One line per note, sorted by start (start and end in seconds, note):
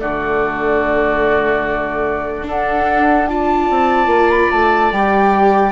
0.00 2.48 D3
0.00 2.43 A3
0.00 2.48 F#4
0.00 2.47 D5
2.43 3.25 D4
2.43 3.70 D4
2.43 3.30 A4
2.43 3.28 F#5
3.28 4.93 F4
3.28 5.72 D5
3.28 4.30 A5
3.70 4.07 C4
4.07 4.48 A#3
4.30 4.51 B5
4.51 4.92 A3
4.51 4.92 A5
4.92 5.72 G3
4.92 5.72 G4
4.92 5.72 G5